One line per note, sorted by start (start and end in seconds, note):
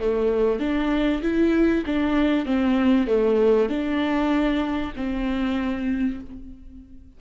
0.00 0.60 A3
0.60 1.22 D4
1.23 1.84 E4
1.86 2.46 D4
2.46 3.08 C4
3.08 3.69 A3
3.69 4.93 D4
4.97 6.20 C4